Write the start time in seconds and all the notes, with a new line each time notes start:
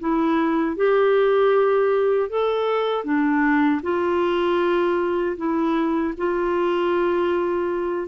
0.00 E4
0.77 G4
2.30 A4
3.05 D4
3.83 F4
5.37 E4
6.18 F4